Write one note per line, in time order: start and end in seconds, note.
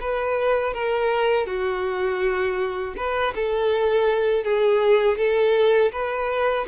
0.00 0.73 B4
0.73 1.46 A#4
1.46 2.94 F#4
2.97 3.34 B4
3.35 4.44 A4
4.44 5.17 G#4
5.17 5.92 A4
5.92 6.66 B4